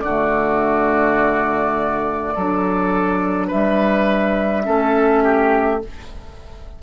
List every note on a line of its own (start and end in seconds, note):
0.00 2.33 D3
0.00 2.34 F#4
0.00 3.46 D5
0.08 2.38 A3
2.34 3.51 F#3
2.34 4.64 D4
2.34 3.47 A4
3.47 4.67 G3
3.47 4.62 B4
3.47 5.81 E5
4.64 5.82 A3
4.64 5.79 C#4
4.64 5.23 A4
5.23 5.81 G4